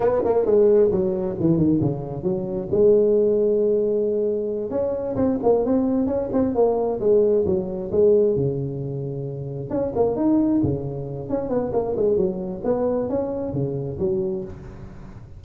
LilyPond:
\new Staff \with { instrumentName = "tuba" } { \time 4/4 \tempo 4 = 133 b8 ais8 gis4 fis4 e8 dis8 | cis4 fis4 gis2~ | gis2~ gis8 cis'4 c'8 | ais8 c'4 cis'8 c'8 ais4 gis8~ |
gis8 fis4 gis4 cis4.~ | cis4. cis'8 ais8 dis'4 cis8~ | cis4 cis'8 b8 ais8 gis8 fis4 | b4 cis'4 cis4 fis4 | }